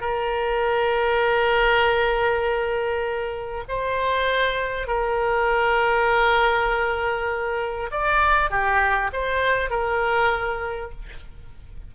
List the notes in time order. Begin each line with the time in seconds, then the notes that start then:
0.00 A#4
3.68 C5
4.87 A#4
7.91 D5
8.50 G4
9.13 C5
9.69 A#4